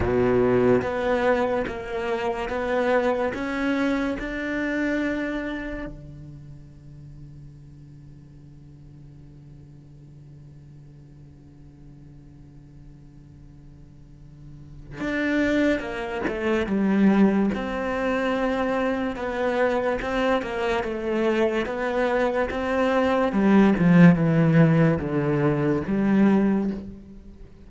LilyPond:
\new Staff \with { instrumentName = "cello" } { \time 4/4 \tempo 4 = 72 b,4 b4 ais4 b4 | cis'4 d'2 d4~ | d1~ | d1~ |
d2 d'4 ais8 a8 | g4 c'2 b4 | c'8 ais8 a4 b4 c'4 | g8 f8 e4 d4 g4 | }